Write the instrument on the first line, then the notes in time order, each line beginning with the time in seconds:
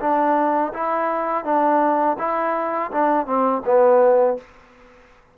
trombone
0.00 D4
0.73 E4
1.45 D4
2.19 E4
2.91 D4
3.26 C4
3.65 B3